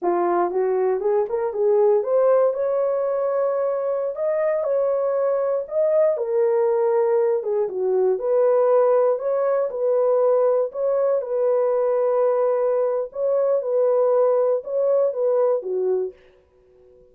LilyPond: \new Staff \with { instrumentName = "horn" } { \time 4/4 \tempo 4 = 119 f'4 fis'4 gis'8 ais'8 gis'4 | c''4 cis''2.~ | cis''16 dis''4 cis''2 dis''8.~ | dis''16 ais'2~ ais'8 gis'8 fis'8.~ |
fis'16 b'2 cis''4 b'8.~ | b'4~ b'16 cis''4 b'4.~ b'16~ | b'2 cis''4 b'4~ | b'4 cis''4 b'4 fis'4 | }